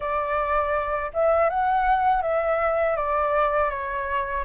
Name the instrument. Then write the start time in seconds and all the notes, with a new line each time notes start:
flute
0.00 D5
1.13 E5
1.49 F#5
2.22 E5
2.96 D5
3.70 C#5